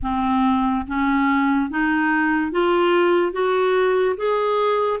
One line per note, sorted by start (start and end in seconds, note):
0.02 0.86 C4
0.87 1.69 C#4
1.69 2.51 D#4
2.51 3.32 F4
3.32 4.16 F#4
4.16 5.00 G#4